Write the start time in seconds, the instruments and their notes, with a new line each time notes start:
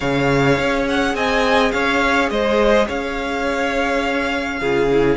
0.00 cello C#3, viola G#4, violin C#5 F5
0.58 cello C#4
0.88 violin F#5
1.14 cello C4, violin D#5 G#5
1.71 cello C#4, violin C#5 F5
2.30 cello G#3, violin C5 D#5
2.86 cello C#4, violin C#5 F5
4.59 cello C#3, viola F4, violin G#4
4.90 viola E4